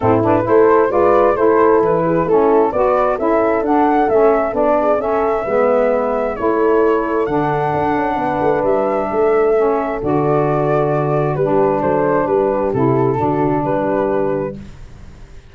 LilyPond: <<
  \new Staff \with { instrumentName = "flute" } { \time 4/4 \tempo 4 = 132 a'8 b'8 c''4 d''4 c''4 | b'4 a'4 d''4 e''4 | fis''4 e''4 d''4 e''4~ | e''2 cis''2 |
fis''2. e''4~ | e''2 d''2~ | d''4 b'4 c''4 b'4 | a'2 b'2 | }
  \new Staff \with { instrumentName = "horn" } { \time 4/4 e'4 a'4 b'4 a'4~ | a'8 gis'8 e'4 b'4 a'4~ | a'2~ a'8 gis'8 a'4 | b'2 a'2~ |
a'2 b'2 | a'1~ | a'4 g'4 a'4 g'4~ | g'4 fis'4 g'2 | }
  \new Staff \with { instrumentName = "saxophone" } { \time 4/4 c'8 d'8 e'4 f'4 e'4~ | e'4 cis'4 fis'4 e'4 | d'4 cis'4 d'4 cis'4 | b2 e'2 |
d'1~ | d'4 cis'4 fis'2~ | fis'4 d'2. | e'4 d'2. | }
  \new Staff \with { instrumentName = "tuba" } { \time 4/4 a,4 a4 gis4 a4 | e4 a4 b4 cis'4 | d'4 a4 b4 cis'4 | gis2 a2 |
d4 d'8 cis'8 b8 a8 g4 | a2 d2~ | d4 g4 fis4 g4 | c4 d4 g2 | }
>>